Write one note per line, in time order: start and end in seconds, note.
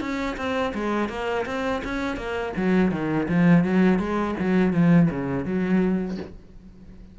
0.00 0.36 C#4
0.36 0.73 C4
0.74 1.09 G#3
1.09 1.45 A#3
1.46 1.82 C4
1.84 2.17 C#4
2.17 2.53 A#3
2.56 2.91 F#3
2.91 3.27 D#3
3.29 3.64 F3
3.64 3.99 F#3
3.99 4.35 G#3
4.39 4.73 F#3
4.73 5.09 F3
5.10 5.45 C#3
5.45 6.17 F#3